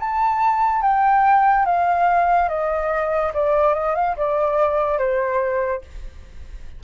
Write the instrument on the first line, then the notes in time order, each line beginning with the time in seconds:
flute
0.00 A5
0.83 G5
1.66 F5
2.49 D#5
3.34 D5
3.75 D#5
3.95 F5
4.17 D5
4.99 C5